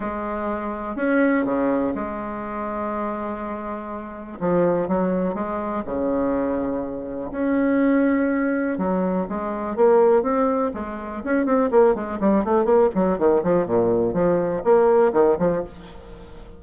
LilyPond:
\new Staff \with { instrumentName = "bassoon" } { \time 4/4 \tempo 4 = 123 gis2 cis'4 cis4 | gis1~ | gis4 f4 fis4 gis4 | cis2. cis'4~ |
cis'2 fis4 gis4 | ais4 c'4 gis4 cis'8 c'8 | ais8 gis8 g8 a8 ais8 fis8 dis8 f8 | ais,4 f4 ais4 dis8 f8 | }